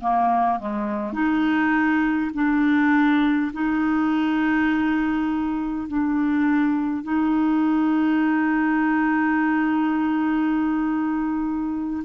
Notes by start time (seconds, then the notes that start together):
0.00 A#3
0.59 G#3
1.13 D#4
2.34 D4
3.52 D#4
5.88 D4
7.03 D#4